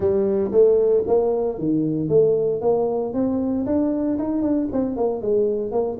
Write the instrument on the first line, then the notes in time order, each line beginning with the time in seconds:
tuba
0.00 G3
0.51 A3
1.07 A#3
1.58 D#3
2.09 A3
2.61 A#3
3.13 C4
3.65 D4
4.18 D#4
4.42 D4
4.72 C4
4.96 A#3
5.21 G#3
5.71 A#3